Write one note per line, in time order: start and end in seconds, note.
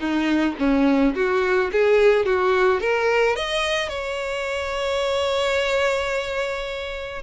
0.00 0.56 D#4
0.59 1.14 C#4
1.16 1.71 F#4
1.72 2.26 G#4
2.26 2.81 F#4
2.81 3.36 A#4
3.36 3.89 D#5
3.89 7.22 C#5